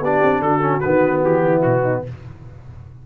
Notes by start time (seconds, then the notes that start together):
0.00 B3 D4 G4 D5
0.22 C4
0.40 D3 F#4 A4
0.60 C#4
0.80 D#3 B3 B4
1.24 E3 G4
1.46 E4
1.61 B2 F#4
1.82 D#4